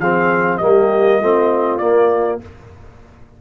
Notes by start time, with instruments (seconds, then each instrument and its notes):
0.00 tuba F3, trombone C4, horn G#4, trumpet F5
0.58 tuba G3, trombone A#3, horn G4, trumpet D#5
1.20 tuba A3, trombone C4, horn F4
1.78 tuba A#3, trombone A#3, trumpet D5